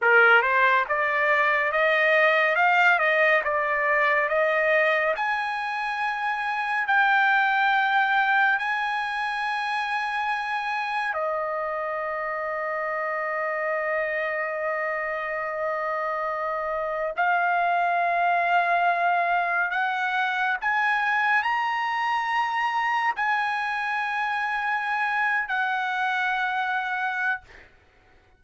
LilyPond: \new Staff \with { instrumentName = "trumpet" } { \time 4/4 \tempo 4 = 70 ais'8 c''8 d''4 dis''4 f''8 dis''8 | d''4 dis''4 gis''2 | g''2 gis''2~ | gis''4 dis''2.~ |
dis''1 | f''2. fis''4 | gis''4 ais''2 gis''4~ | gis''4.~ gis''16 fis''2~ fis''16 | }